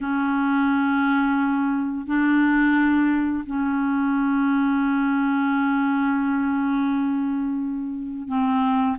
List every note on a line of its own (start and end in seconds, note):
0.01 2.06 C#4
2.06 3.44 D4
3.46 8.28 C#4
8.28 8.97 C4